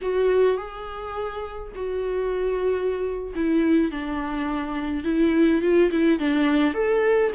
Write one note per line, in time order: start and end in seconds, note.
0.01 0.57 F#4
0.57 1.72 G#4
1.75 3.33 F#4
3.35 3.91 E4
3.91 5.03 D4
5.03 5.61 E4
5.61 5.90 F4
5.91 6.19 E4
6.19 6.73 D4
6.73 7.31 A4